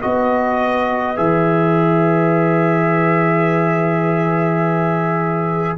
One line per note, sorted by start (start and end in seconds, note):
0.00 1.18 B3
0.00 1.17 F#4
0.00 5.77 B4
0.00 1.17 D#5
1.17 5.78 E3
1.17 5.78 G#4
1.17 5.78 E5